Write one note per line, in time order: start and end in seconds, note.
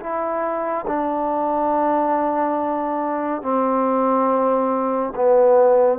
0.00 0.86 E4
0.87 3.42 D4
3.42 5.14 C4
5.16 6.00 B3